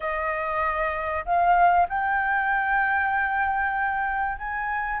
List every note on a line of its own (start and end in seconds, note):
0.00 1.24 D#5
1.25 1.87 F5
1.88 4.38 G5
4.38 5.00 G#5